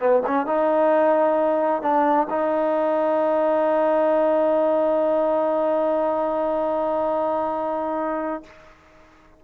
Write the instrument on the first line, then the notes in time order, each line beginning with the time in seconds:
trombone
0.00 B3
0.27 C#4
0.47 D#4
1.82 D4
2.30 D#4